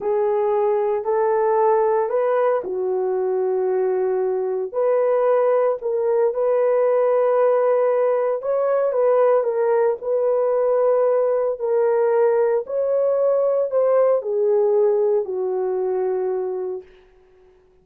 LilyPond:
\new Staff \with { instrumentName = "horn" } { \time 4/4 \tempo 4 = 114 gis'2 a'2 | b'4 fis'2.~ | fis'4 b'2 ais'4 | b'1 |
cis''4 b'4 ais'4 b'4~ | b'2 ais'2 | cis''2 c''4 gis'4~ | gis'4 fis'2. | }